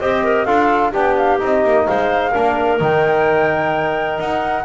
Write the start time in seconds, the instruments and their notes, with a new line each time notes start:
0.00 double bass C4, trombone G4, clarinet C5, flute D#5
0.24 clarinet A#4
0.46 double bass D4, trombone F4, clarinet A4, flute F5
0.92 double bass B3, trombone D4, clarinet G4, flute G5
1.17 flute F5
1.39 double bass C4, trombone D#4, flute D#5
1.64 double bass A#3
1.87 double bass G#3, clarinet C5, flute F5
2.31 double bass A#3, trombone D4, clarinet A#4
2.79 double bass D#3, trombone D#4, flute G5
4.19 double bass D#4, flute F#5